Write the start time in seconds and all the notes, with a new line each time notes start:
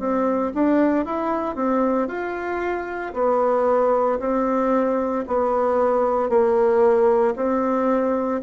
0.00 C4
0.55 D4
1.06 E4
1.56 C4
2.08 F4
3.14 B3
4.20 C4
5.28 B3
6.30 A#3
7.36 C4